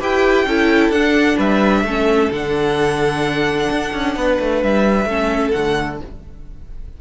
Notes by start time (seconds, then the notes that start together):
0.00 E4 G4 B4 G5
0.46 C#4 E4 A4
0.90 D4 F#5
1.37 G3 B4 E5
1.84 A3 C#4 A4
2.31 D3 D4 F#5
3.72 D4
3.93 C#4
4.16 B3 B4
4.40 A3
4.63 G3 E5
5.06 A3 C#4 A4
5.51 D3 A3 F#5